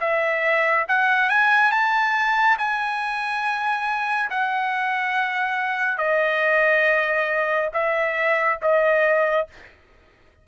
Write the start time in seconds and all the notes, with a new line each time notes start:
0.00 E5
0.88 F#5
1.29 G#5
1.71 A5
2.58 G#5
4.30 F#5
5.98 D#5
7.73 E5
8.61 D#5